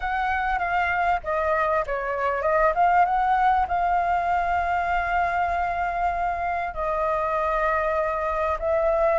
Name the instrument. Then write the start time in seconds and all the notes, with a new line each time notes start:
flute
0.00 F#5
0.58 F5
1.23 D#5
1.86 C#5
2.42 D#5
2.74 F5
3.05 F#5
3.67 F5
6.73 D#5
8.59 E5